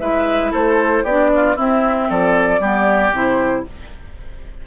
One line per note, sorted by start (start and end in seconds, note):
0.00 0.53 G#3
0.00 1.06 E4
0.00 0.52 B4
0.00 0.52 E5
0.52 1.04 A3
0.52 1.04 A4
0.52 1.05 C5
1.04 1.56 B3
1.04 1.56 D4
1.04 1.30 G4
1.04 1.57 D5
1.36 1.56 F4
1.56 2.61 C4
1.56 2.10 C4
1.56 2.08 E4
1.56 2.10 E5
2.10 2.60 F3
2.10 2.61 A4
2.10 3.15 D5
2.60 3.12 G3
2.60 3.13 B3
2.60 3.65 G4
3.13 3.65 C3
3.13 3.66 E4
3.13 3.67 C5